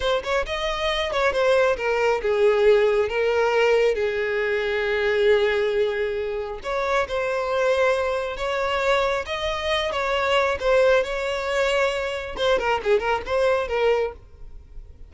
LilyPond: \new Staff \with { instrumentName = "violin" } { \time 4/4 \tempo 4 = 136 c''8 cis''8 dis''4. cis''8 c''4 | ais'4 gis'2 ais'4~ | ais'4 gis'2.~ | gis'2. cis''4 |
c''2. cis''4~ | cis''4 dis''4. cis''4. | c''4 cis''2. | c''8 ais'8 gis'8 ais'8 c''4 ais'4 | }